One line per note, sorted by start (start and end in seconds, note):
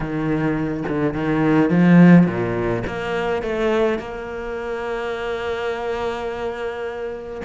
0.00 0.83 D#3
0.88 1.13 D3
1.13 1.70 D#3
1.70 2.26 F3
2.26 2.83 A#2
2.86 3.42 A#3
3.42 3.98 A3
3.98 7.41 A#3